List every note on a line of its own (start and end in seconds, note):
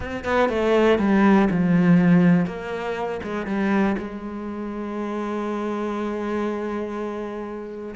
0.00 0.24 C4
0.24 0.49 B3
0.49 0.98 A3
0.98 1.48 G3
1.50 2.46 F3
2.46 3.20 A#3
3.23 3.46 G#3
3.46 3.96 G3
3.98 7.95 G#3